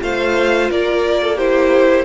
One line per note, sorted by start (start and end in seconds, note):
0.00 0.70 A3
0.00 1.36 F4
0.00 0.70 C5
0.00 0.70 F5
0.70 2.05 A#3
0.70 1.21 A#4
0.70 1.38 D5
1.22 1.36 A4
1.36 2.05 E4
1.36 2.04 G4
1.36 2.05 C5